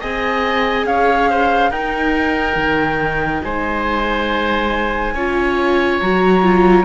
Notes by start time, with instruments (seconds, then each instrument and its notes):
0.00 cello C4, viola G#4, oboe D#5, flute G#5
0.85 cello C#4, oboe C#5, flute F5
1.30 oboe C5
1.70 cello D#4, viola D#4, oboe A#4, flute G5
2.55 cello D#3
3.42 cello G#3, oboe C5, flute G#5
5.14 cello C#4, viola F4, oboe C#5
6.00 cello F#3, viola F#4, flute A#5
6.43 viola F4